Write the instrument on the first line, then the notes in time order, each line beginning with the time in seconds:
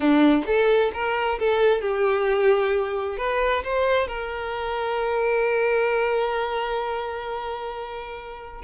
violin
0.00 D4
0.46 A4
0.93 A#4
1.39 A4
1.81 G4
3.17 B4
3.63 C5
4.07 A#4